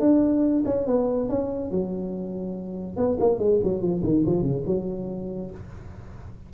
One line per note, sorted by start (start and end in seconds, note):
0.00 0.63 D4
0.66 0.87 C#4
0.87 1.29 B3
1.29 1.71 C#4
1.71 2.97 F#3
2.97 3.18 B3
3.20 3.39 A#3
3.39 3.60 G#3
3.64 3.82 F#3
3.82 4.03 F3
4.04 4.25 D#3
4.26 4.43 F3
4.43 4.64 C#3
4.66 5.51 F#3